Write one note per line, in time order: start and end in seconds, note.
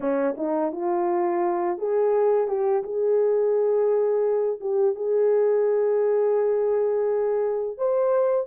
0.00 0.35 C#4
0.37 0.72 D#4
0.72 1.77 F4
1.78 2.47 G#4
2.47 2.82 G4
2.83 4.59 G#4
4.60 4.95 G4
4.95 7.77 G#4
7.77 8.47 C5